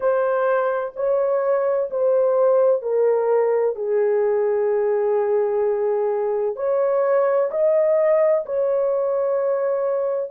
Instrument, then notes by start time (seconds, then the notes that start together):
horn
0.00 C5
0.96 C#5
1.90 C5
2.82 A#4
3.75 G#4
6.56 C#5
7.50 D#5
8.45 C#5